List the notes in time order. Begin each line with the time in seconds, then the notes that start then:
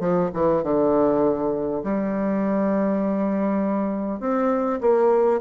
0.00 F3
0.33 E3
0.63 D3
1.83 G3
4.20 C4
4.81 A#3